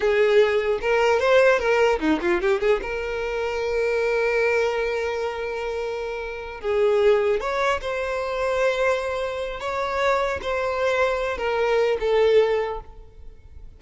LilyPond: \new Staff \with { instrumentName = "violin" } { \time 4/4 \tempo 4 = 150 gis'2 ais'4 c''4 | ais'4 dis'8 f'8 g'8 gis'8 ais'4~ | ais'1~ | ais'1~ |
ais'8 gis'2 cis''4 c''8~ | c''1 | cis''2 c''2~ | c''8 ais'4. a'2 | }